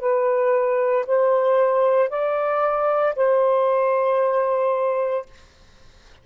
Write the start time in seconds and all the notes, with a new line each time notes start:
0.00 B4
1.07 C5
2.10 D5
3.15 C5